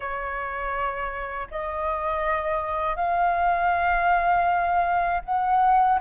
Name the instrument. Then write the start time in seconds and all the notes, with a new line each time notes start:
flute
0.00 C#5
1.50 D#5
2.96 F5
5.24 F#5